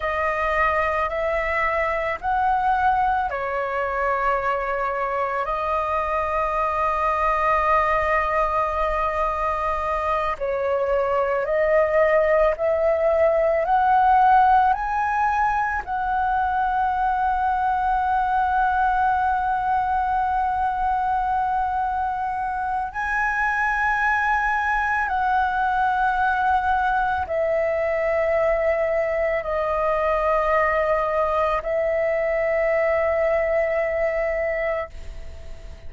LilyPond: \new Staff \with { instrumentName = "flute" } { \time 4/4 \tempo 4 = 55 dis''4 e''4 fis''4 cis''4~ | cis''4 dis''2.~ | dis''4. cis''4 dis''4 e''8~ | e''8 fis''4 gis''4 fis''4.~ |
fis''1~ | fis''4 gis''2 fis''4~ | fis''4 e''2 dis''4~ | dis''4 e''2. | }